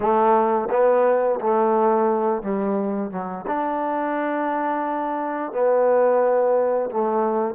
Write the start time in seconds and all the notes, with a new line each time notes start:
0.00 A3
0.70 B3
1.40 A3
2.42 G3
3.10 F#3
3.47 D4
5.52 B3
6.90 A3